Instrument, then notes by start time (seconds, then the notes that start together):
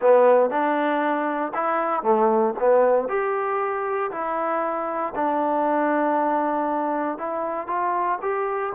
trombone
0.01 B3
0.50 D4
1.53 E4
2.03 A3
2.59 B3
3.08 G4
4.11 E4
5.15 D4
7.18 E4
7.67 F4
8.21 G4